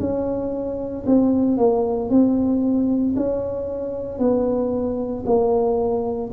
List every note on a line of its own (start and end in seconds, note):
0.00 1.05 C#4
1.07 1.58 C4
1.58 2.10 A#3
2.10 3.15 C4
3.17 4.19 C#4
4.19 5.24 B3
5.26 6.32 A#3